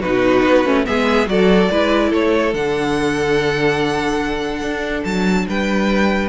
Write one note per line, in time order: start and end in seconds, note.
0.00 0.44 B2
0.00 0.65 D#4
0.00 0.84 F#4
0.00 0.85 B4
0.44 0.65 B3
0.65 0.85 A3
0.65 0.85 C#4
0.85 1.27 G#3
0.85 1.26 B3
0.85 1.30 G#4
0.85 1.28 E5
1.26 1.69 F#3
1.26 1.68 F#4
1.26 1.71 A4
1.26 2.12 D5
1.70 2.12 G#3
1.70 2.54 E4
1.70 2.09 B4
2.09 2.54 A3
2.09 5.45 A4
2.09 2.54 C#5
2.54 4.61 D3
2.54 6.28 D4
2.54 5.04 F#5
4.61 5.03 D4
5.04 5.47 F#3
5.04 5.46 A5
5.48 6.28 G3
5.48 6.28 B4
5.48 6.28 G5